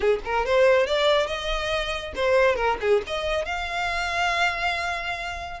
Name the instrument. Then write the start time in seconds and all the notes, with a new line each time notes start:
violin
0.00 G#4
0.24 A#4
0.45 C5
0.86 D5
1.26 D#5
2.15 C5
2.55 A#4
2.80 G#4
3.06 D#5
3.45 F5